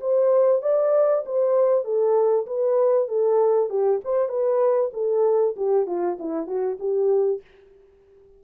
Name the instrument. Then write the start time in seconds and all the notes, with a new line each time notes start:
horn
0.00 C5
0.62 D5
1.25 C5
1.84 A4
2.46 B4
3.08 A4
3.69 G4
4.04 C5
4.28 B4
4.93 A4
5.56 G4
5.86 F4
6.19 E4
6.46 F#4
6.79 G4